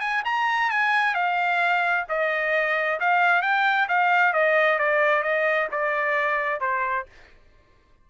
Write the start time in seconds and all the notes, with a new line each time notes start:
0.00 G#5
0.25 A#5
0.70 G#5
1.14 F5
2.09 D#5
3.00 F5
3.42 G5
3.88 F5
4.33 D#5
4.79 D5
5.23 D#5
5.71 D5
6.60 C5